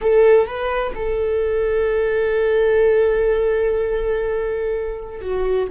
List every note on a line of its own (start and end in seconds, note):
0.01 0.46 A4
0.46 0.92 B4
0.95 5.21 A4
5.21 5.67 F#4